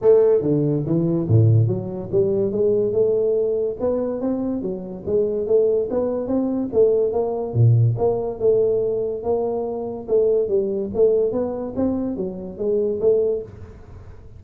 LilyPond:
\new Staff \with { instrumentName = "tuba" } { \time 4/4 \tempo 4 = 143 a4 d4 e4 a,4 | fis4 g4 gis4 a4~ | a4 b4 c'4 fis4 | gis4 a4 b4 c'4 |
a4 ais4 ais,4 ais4 | a2 ais2 | a4 g4 a4 b4 | c'4 fis4 gis4 a4 | }